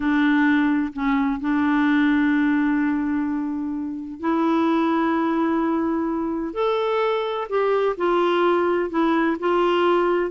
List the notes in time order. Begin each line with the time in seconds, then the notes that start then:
0.00 D4
0.93 C#4
1.40 D4
4.20 E4
6.53 A4
7.49 G4
7.97 F4
8.90 E4
9.39 F4